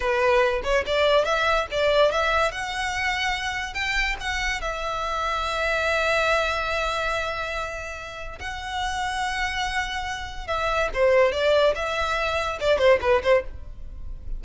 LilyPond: \new Staff \with { instrumentName = "violin" } { \time 4/4 \tempo 4 = 143 b'4. cis''8 d''4 e''4 | d''4 e''4 fis''2~ | fis''4 g''4 fis''4 e''4~ | e''1~ |
e''1 | fis''1~ | fis''4 e''4 c''4 d''4 | e''2 d''8 c''8 b'8 c''8 | }